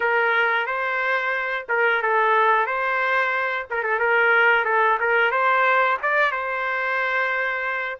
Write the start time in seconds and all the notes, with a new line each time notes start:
0.00 A#4
0.66 C5
1.68 A#4
2.02 A4
2.66 C5
3.70 A#4
3.83 A4
3.99 A#4
4.65 A4
5.00 A#4
5.31 C5
6.02 D5
6.31 C5